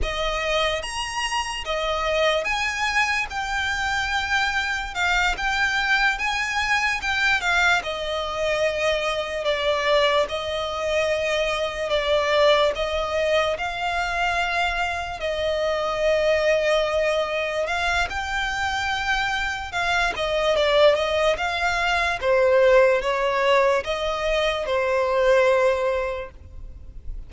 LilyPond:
\new Staff \with { instrumentName = "violin" } { \time 4/4 \tempo 4 = 73 dis''4 ais''4 dis''4 gis''4 | g''2 f''8 g''4 gis''8~ | gis''8 g''8 f''8 dis''2 d''8~ | d''8 dis''2 d''4 dis''8~ |
dis''8 f''2 dis''4.~ | dis''4. f''8 g''2 | f''8 dis''8 d''8 dis''8 f''4 c''4 | cis''4 dis''4 c''2 | }